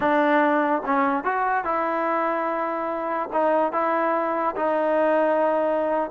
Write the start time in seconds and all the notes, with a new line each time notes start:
0.00 D4
0.85 C#4
1.23 F#4
1.64 E4
3.32 D#4
3.72 E4
4.56 D#4